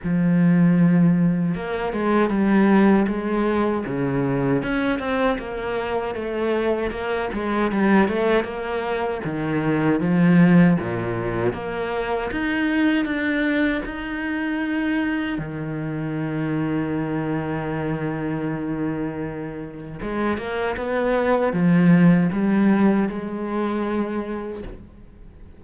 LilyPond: \new Staff \with { instrumentName = "cello" } { \time 4/4 \tempo 4 = 78 f2 ais8 gis8 g4 | gis4 cis4 cis'8 c'8 ais4 | a4 ais8 gis8 g8 a8 ais4 | dis4 f4 ais,4 ais4 |
dis'4 d'4 dis'2 | dis1~ | dis2 gis8 ais8 b4 | f4 g4 gis2 | }